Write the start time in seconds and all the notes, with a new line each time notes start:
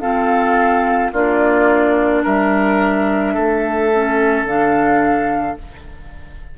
0.00 C4 F4 A4 F5
1.12 A#3 D4 F4 D5
2.23 G3 A#4 E5
3.34 A3 A4
3.94 C#4
4.43 D3 D4 F5